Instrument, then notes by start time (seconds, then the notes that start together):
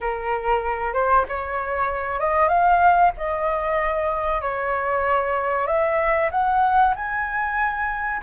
flute
0.00 A#4
0.93 C5
1.28 C#5
2.19 D#5
2.48 F5
3.17 D#5
4.41 C#5
5.66 E5
6.31 F#5
6.95 G#5